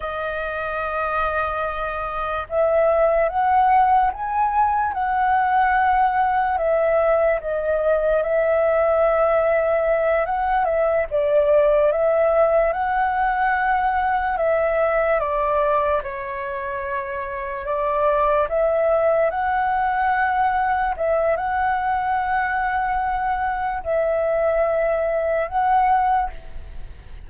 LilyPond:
\new Staff \with { instrumentName = "flute" } { \time 4/4 \tempo 4 = 73 dis''2. e''4 | fis''4 gis''4 fis''2 | e''4 dis''4 e''2~ | e''8 fis''8 e''8 d''4 e''4 fis''8~ |
fis''4. e''4 d''4 cis''8~ | cis''4. d''4 e''4 fis''8~ | fis''4. e''8 fis''2~ | fis''4 e''2 fis''4 | }